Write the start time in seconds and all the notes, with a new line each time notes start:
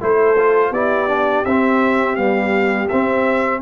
0.00 A3 E4 A4 C5
0.38 F4
0.71 B3 E4 G4 D5
1.08 D4
1.45 C4 E5
2.16 G3 B3 F5
2.89 C4 E5